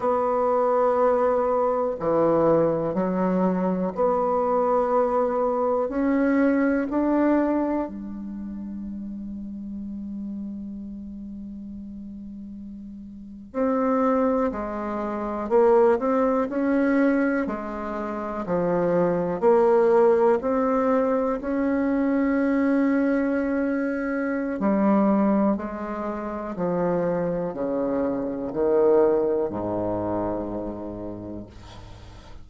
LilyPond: \new Staff \with { instrumentName = "bassoon" } { \time 4/4 \tempo 4 = 61 b2 e4 fis4 | b2 cis'4 d'4 | g1~ | g4.~ g16 c'4 gis4 ais16~ |
ais16 c'8 cis'4 gis4 f4 ais16~ | ais8. c'4 cis'2~ cis'16~ | cis'4 g4 gis4 f4 | cis4 dis4 gis,2 | }